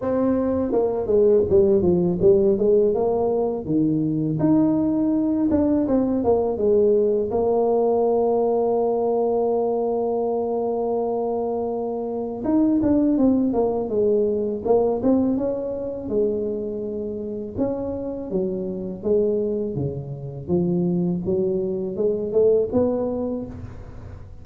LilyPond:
\new Staff \with { instrumentName = "tuba" } { \time 4/4 \tempo 4 = 82 c'4 ais8 gis8 g8 f8 g8 gis8 | ais4 dis4 dis'4. d'8 | c'8 ais8 gis4 ais2~ | ais1~ |
ais4 dis'8 d'8 c'8 ais8 gis4 | ais8 c'8 cis'4 gis2 | cis'4 fis4 gis4 cis4 | f4 fis4 gis8 a8 b4 | }